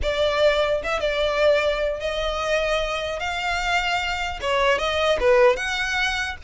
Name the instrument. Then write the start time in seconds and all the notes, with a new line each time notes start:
violin
0.02 D5
0.83 E5
1.00 D5
1.99 D#5
3.19 F5
4.41 C#5
4.78 D#5
5.20 B4
5.56 F#5